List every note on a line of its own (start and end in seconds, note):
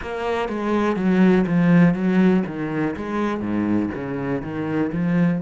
0.01 0.49 A#3
0.49 0.96 G#3
0.96 1.45 F#3
1.47 1.94 F3
1.94 2.43 F#3
2.46 2.95 D#3
2.96 3.40 G#3
3.40 3.89 G#2
3.94 4.42 C#3
4.42 4.91 D#3
4.92 5.41 F3